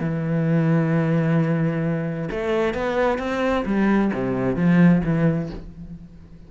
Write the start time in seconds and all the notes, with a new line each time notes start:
0.00 E3
2.31 A3
2.74 B3
3.19 C4
3.66 G3
4.14 C3
4.56 F3
5.04 E3